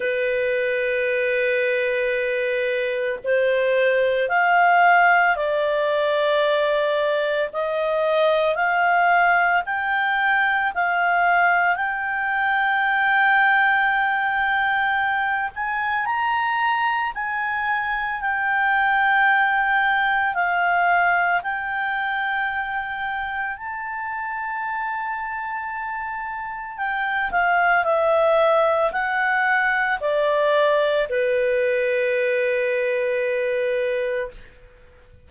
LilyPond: \new Staff \with { instrumentName = "clarinet" } { \time 4/4 \tempo 4 = 56 b'2. c''4 | f''4 d''2 dis''4 | f''4 g''4 f''4 g''4~ | g''2~ g''8 gis''8 ais''4 |
gis''4 g''2 f''4 | g''2 a''2~ | a''4 g''8 f''8 e''4 fis''4 | d''4 b'2. | }